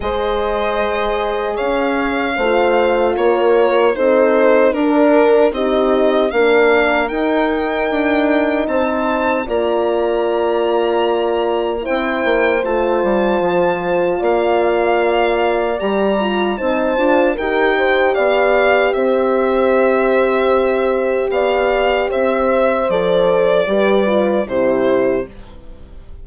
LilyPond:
<<
  \new Staff \with { instrumentName = "violin" } { \time 4/4 \tempo 4 = 76 dis''2 f''2 | cis''4 c''4 ais'4 dis''4 | f''4 g''2 a''4 | ais''2. g''4 |
a''2 f''2 | ais''4 a''4 g''4 f''4 | e''2. f''4 | e''4 d''2 c''4 | }
  \new Staff \with { instrumentName = "horn" } { \time 4/4 c''2 cis''4 c''4 | ais'4 a'4 ais'4 g'4 | ais'2. c''4 | d''2. c''4~ |
c''2 d''2~ | d''4 c''4 ais'8 c''8 d''4 | c''2. d''4 | c''2 b'4 g'4 | }
  \new Staff \with { instrumentName = "horn" } { \time 4/4 gis'2. f'4~ | f'4 dis'4 d'4 dis'4 | d'4 dis'2. | f'2. e'4 |
f'1 | g'8 f'8 dis'8 f'8 g'2~ | g'1~ | g'4 a'4 g'8 f'8 e'4 | }
  \new Staff \with { instrumentName = "bassoon" } { \time 4/4 gis2 cis'4 a4 | ais4 c'4 d'4 c'4 | ais4 dis'4 d'4 c'4 | ais2. c'8 ais8 |
a8 g8 f4 ais2 | g4 c'8 d'8 dis'4 b4 | c'2. b4 | c'4 f4 g4 c4 | }
>>